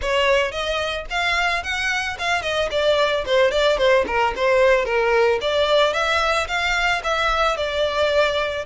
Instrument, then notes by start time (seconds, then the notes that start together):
violin
0.01 C#5
0.51 D#5
1.10 F5
1.63 F#5
2.19 F5
2.42 D#5
2.71 D5
3.25 C5
3.51 D5
3.77 C5
4.07 A#4
4.35 C5
4.85 A#4
5.41 D5
5.93 E5
6.47 F5
7.03 E5
7.57 D5